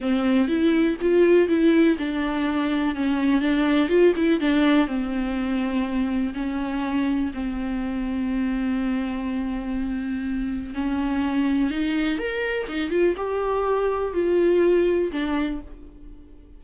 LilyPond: \new Staff \with { instrumentName = "viola" } { \time 4/4 \tempo 4 = 123 c'4 e'4 f'4 e'4 | d'2 cis'4 d'4 | f'8 e'8 d'4 c'2~ | c'4 cis'2 c'4~ |
c'1~ | c'2 cis'2 | dis'4 ais'4 dis'8 f'8 g'4~ | g'4 f'2 d'4 | }